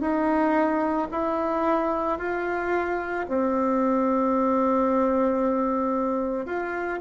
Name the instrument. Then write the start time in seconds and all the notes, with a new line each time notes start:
bassoon
0.00 D#4
1.11 E4
2.18 F4
3.28 C4
6.46 F4